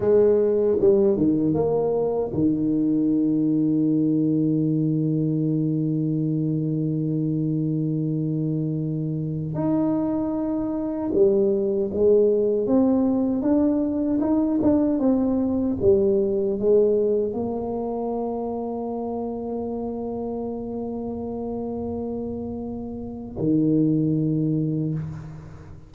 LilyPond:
\new Staff \with { instrumentName = "tuba" } { \time 4/4 \tempo 4 = 77 gis4 g8 dis8 ais4 dis4~ | dis1~ | dis1~ | dis16 dis'2 g4 gis8.~ |
gis16 c'4 d'4 dis'8 d'8 c'8.~ | c'16 g4 gis4 ais4.~ ais16~ | ais1~ | ais2 dis2 | }